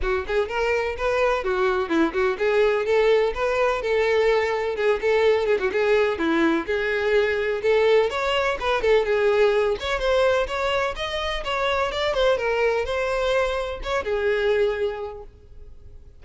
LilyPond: \new Staff \with { instrumentName = "violin" } { \time 4/4 \tempo 4 = 126 fis'8 gis'8 ais'4 b'4 fis'4 | e'8 fis'8 gis'4 a'4 b'4 | a'2 gis'8 a'4 gis'16 fis'16 | gis'4 e'4 gis'2 |
a'4 cis''4 b'8 a'8 gis'4~ | gis'8 cis''8 c''4 cis''4 dis''4 | cis''4 d''8 c''8 ais'4 c''4~ | c''4 cis''8 gis'2~ gis'8 | }